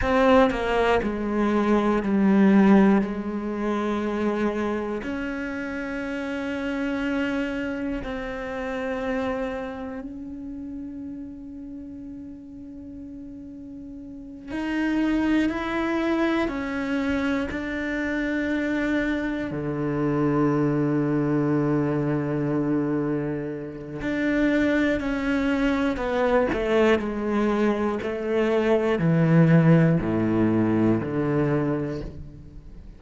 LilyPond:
\new Staff \with { instrumentName = "cello" } { \time 4/4 \tempo 4 = 60 c'8 ais8 gis4 g4 gis4~ | gis4 cis'2. | c'2 cis'2~ | cis'2~ cis'8 dis'4 e'8~ |
e'8 cis'4 d'2 d8~ | d1 | d'4 cis'4 b8 a8 gis4 | a4 e4 a,4 d4 | }